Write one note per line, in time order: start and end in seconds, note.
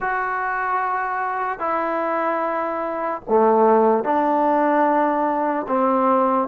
0.00 1.59 F#4
1.59 3.21 E4
3.28 4.04 A3
4.04 5.66 D4
5.68 6.48 C4